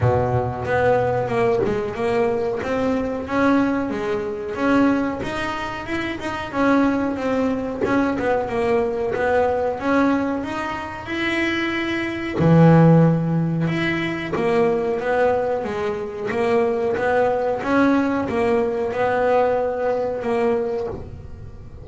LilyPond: \new Staff \with { instrumentName = "double bass" } { \time 4/4 \tempo 4 = 92 b,4 b4 ais8 gis8 ais4 | c'4 cis'4 gis4 cis'4 | dis'4 e'8 dis'8 cis'4 c'4 | cis'8 b8 ais4 b4 cis'4 |
dis'4 e'2 e4~ | e4 e'4 ais4 b4 | gis4 ais4 b4 cis'4 | ais4 b2 ais4 | }